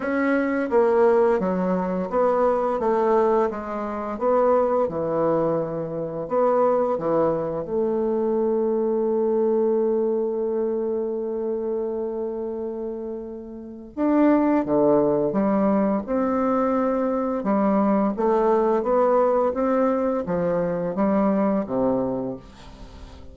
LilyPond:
\new Staff \with { instrumentName = "bassoon" } { \time 4/4 \tempo 4 = 86 cis'4 ais4 fis4 b4 | a4 gis4 b4 e4~ | e4 b4 e4 a4~ | a1~ |
a1 | d'4 d4 g4 c'4~ | c'4 g4 a4 b4 | c'4 f4 g4 c4 | }